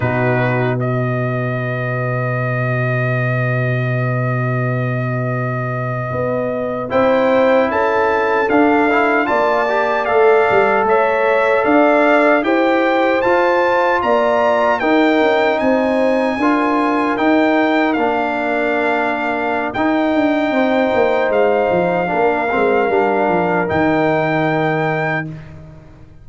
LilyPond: <<
  \new Staff \with { instrumentName = "trumpet" } { \time 4/4 \tempo 4 = 76 b'4 dis''2.~ | dis''1~ | dis''8. g''4 a''4 f''4 a''16~ | a''8. f''4 e''4 f''4 g''16~ |
g''8. a''4 ais''4 g''4 gis''16~ | gis''4.~ gis''16 g''4 f''4~ f''16~ | f''4 g''2 f''4~ | f''2 g''2 | }
  \new Staff \with { instrumentName = "horn" } { \time 4/4 fis'4 b'2.~ | b'1~ | b'8. c''4 a'2 d''16~ | d''4.~ d''16 cis''4 d''4 c''16~ |
c''4.~ c''16 d''4 ais'4 c''16~ | c''8. ais'2.~ ais'16~ | ais'2 c''2 | ais'1 | }
  \new Staff \with { instrumentName = "trombone" } { \time 4/4 dis'4 fis'2.~ | fis'1~ | fis'8. e'2 d'8 e'8 f'16~ | f'16 g'8 a'2. g'16~ |
g'8. f'2 dis'4~ dis'16~ | dis'8. f'4 dis'4 d'4~ d'16~ | d'4 dis'2. | d'8 c'8 d'4 dis'2 | }
  \new Staff \with { instrumentName = "tuba" } { \time 4/4 b,1~ | b,2.~ b,8. b16~ | b8. c'4 cis'4 d'4 ais16~ | ais8. a8 g8 a4 d'4 e'16~ |
e'8. f'4 ais4 dis'8 cis'8 c'16~ | c'8. d'4 dis'4 ais4~ ais16~ | ais4 dis'8 d'8 c'8 ais8 gis8 f8 | ais8 gis8 g8 f8 dis2 | }
>>